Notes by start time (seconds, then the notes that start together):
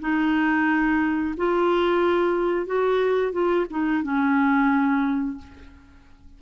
0.00 D#4
1.37 F4
2.66 F#4
3.32 F4
3.70 D#4
4.03 C#4